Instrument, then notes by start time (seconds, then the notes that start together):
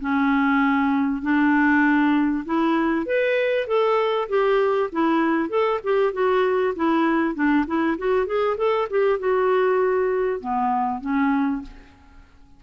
clarinet
0.00 C#4
1.22 D4
2.45 E4
3.06 B4
3.67 A4
4.29 G4
4.91 E4
5.49 A4
5.83 G4
6.13 F#4
6.75 E4
7.34 D4
7.66 E4
7.98 F#4
8.26 G#4
8.57 A4
8.89 G4
9.19 F#4
10.40 B3
11.01 C#4